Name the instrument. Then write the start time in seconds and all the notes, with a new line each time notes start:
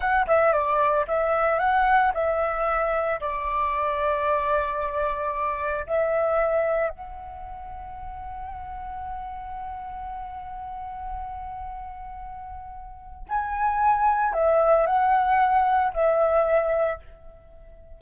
flute
0.00 F#5
0.27 E5
0.52 D5
1.07 E5
1.59 F#5
2.14 E5
3.20 D5
5.86 E5
6.89 F#5
13.28 G#5
14.33 E5
14.86 F#5
15.93 E5